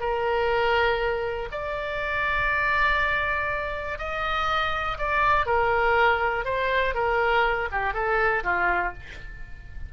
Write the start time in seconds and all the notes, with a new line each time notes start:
0.00 A#4
1.51 D5
3.98 D#5
4.98 D5
5.46 A#4
6.45 C5
6.94 A#4
7.72 G4
7.94 A4
8.43 F4